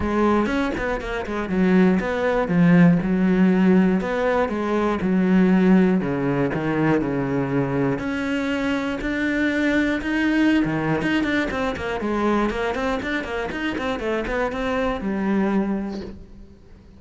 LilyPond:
\new Staff \with { instrumentName = "cello" } { \time 4/4 \tempo 4 = 120 gis4 cis'8 b8 ais8 gis8 fis4 | b4 f4 fis2 | b4 gis4 fis2 | cis4 dis4 cis2 |
cis'2 d'2 | dis'4~ dis'16 dis8. dis'8 d'8 c'8 ais8 | gis4 ais8 c'8 d'8 ais8 dis'8 c'8 | a8 b8 c'4 g2 | }